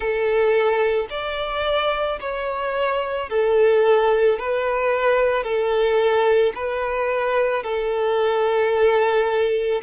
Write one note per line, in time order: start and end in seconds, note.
0.00 1.07 A4
1.10 2.19 D5
2.20 3.29 C#5
3.29 4.38 A4
4.38 5.43 B4
5.43 6.52 A4
6.55 7.63 B4
7.63 9.81 A4